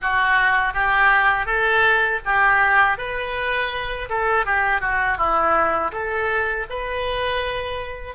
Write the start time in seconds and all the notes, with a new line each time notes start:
0.01 F#4
0.73 G4
1.46 A4
2.25 G4
2.97 B4
4.09 A4
4.45 G4
4.80 F#4
5.17 E4
5.92 A4
6.69 B4